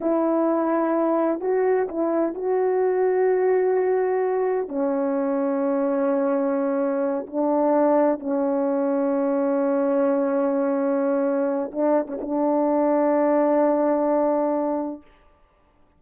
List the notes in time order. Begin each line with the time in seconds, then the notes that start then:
0.01 E4
1.40 F#4
1.88 E4
2.34 F#4
4.68 C#4
7.27 D4
8.19 C#4
11.71 D4
12.07 C#4
12.20 D4